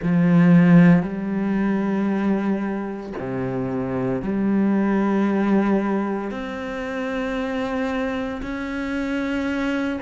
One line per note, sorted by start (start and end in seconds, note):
0.02 1.02 F3
1.02 3.12 G3
3.19 4.22 C3
4.22 6.30 G3
6.30 8.41 C4
8.42 10.00 C#4